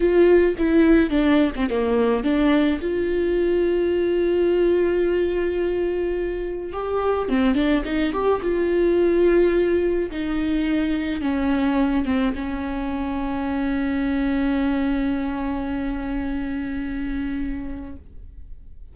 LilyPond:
\new Staff \with { instrumentName = "viola" } { \time 4/4 \tempo 4 = 107 f'4 e'4 d'8. c'16 ais4 | d'4 f'2.~ | f'1 | g'4 c'8 d'8 dis'8 g'8 f'4~ |
f'2 dis'2 | cis'4. c'8 cis'2~ | cis'1~ | cis'1 | }